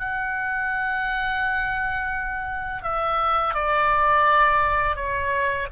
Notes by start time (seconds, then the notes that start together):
0.00 F#5
2.83 E5
3.55 D5
4.96 C#5